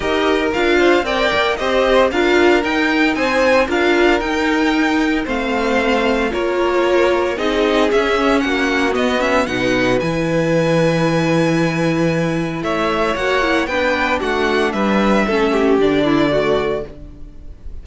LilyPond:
<<
  \new Staff \with { instrumentName = "violin" } { \time 4/4 \tempo 4 = 114 dis''4 f''4 g''4 dis''4 | f''4 g''4 gis''4 f''4 | g''2 f''2 | cis''2 dis''4 e''4 |
fis''4 dis''8 e''8 fis''4 gis''4~ | gis''1 | e''4 fis''4 g''4 fis''4 | e''2 d''2 | }
  \new Staff \with { instrumentName = "violin" } { \time 4/4 ais'4. c''8 d''4 c''4 | ais'2 c''4 ais'4~ | ais'2 c''2 | ais'2 gis'2 |
fis'2 b'2~ | b'1 | cis''2 b'4 fis'4 | b'4 a'8 g'4 e'8 fis'4 | }
  \new Staff \with { instrumentName = "viola" } { \time 4/4 g'4 f'4 ais'4 g'4 | f'4 dis'2 f'4 | dis'2 c'2 | f'2 dis'4 cis'4~ |
cis'4 b8 cis'8 dis'4 e'4~ | e'1~ | e'4 fis'8 e'8 d'2~ | d'4 cis'4 d'4 a4 | }
  \new Staff \with { instrumentName = "cello" } { \time 4/4 dis'4 d'4 c'8 ais8 c'4 | d'4 dis'4 c'4 d'4 | dis'2 a2 | ais2 c'4 cis'4 |
ais4 b4 b,4 e4~ | e1 | a4 ais4 b4 a4 | g4 a4 d2 | }
>>